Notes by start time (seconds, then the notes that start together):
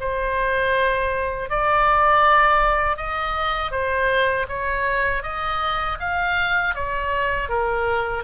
0.00 C5
1.50 D5
2.97 D#5
3.72 C5
4.49 C#5
5.23 D#5
6.00 F5
6.75 C#5
7.49 A#4